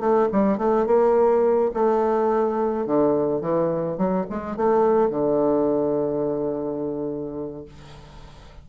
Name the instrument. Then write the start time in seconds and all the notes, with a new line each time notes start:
bassoon
0.00 A3
0.33 G3
0.58 A3
0.86 A#3
1.74 A3
2.86 D3
3.41 E3
3.98 F#3
4.30 G#3
4.57 A3
5.10 D3